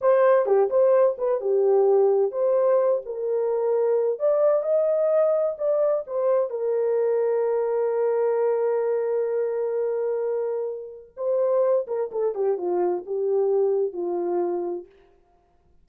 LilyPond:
\new Staff \with { instrumentName = "horn" } { \time 4/4 \tempo 4 = 129 c''4 g'8 c''4 b'8 g'4~ | g'4 c''4. ais'4.~ | ais'4 d''4 dis''2 | d''4 c''4 ais'2~ |
ais'1~ | ais'1 | c''4. ais'8 a'8 g'8 f'4 | g'2 f'2 | }